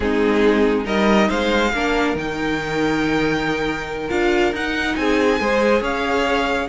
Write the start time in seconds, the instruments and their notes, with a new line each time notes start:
0.00 cello G#3, viola C4, violin D#4 G#4
0.84 cello G3, viola D#4, violin A#4 D#5
1.28 cello G#3, violin C5 F5
1.72 cello A#3, viola D4, violin A#4
2.15 cello D#3, viola D#4, violin G5
4.09 cello D4, viola F4, violin F5
4.52 cello D#4, viola D#4, violin F#5
4.96 cello C4, violin G#4 G#5
5.40 cello G#3, viola G#4, violin C5
5.81 cello C#4, violin C#5 F5